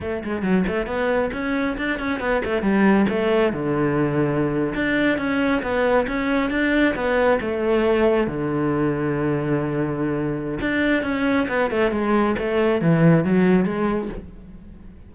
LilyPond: \new Staff \with { instrumentName = "cello" } { \time 4/4 \tempo 4 = 136 a8 gis8 fis8 a8 b4 cis'4 | d'8 cis'8 b8 a8 g4 a4 | d2~ d8. d'4 cis'16~ | cis'8. b4 cis'4 d'4 b16~ |
b8. a2 d4~ d16~ | d1 | d'4 cis'4 b8 a8 gis4 | a4 e4 fis4 gis4 | }